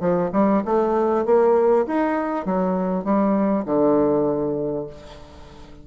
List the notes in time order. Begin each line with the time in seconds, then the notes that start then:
0.00 F3
0.33 G3
0.65 A3
1.25 A#3
1.87 D#4
2.45 F#3
3.04 G3
3.66 D3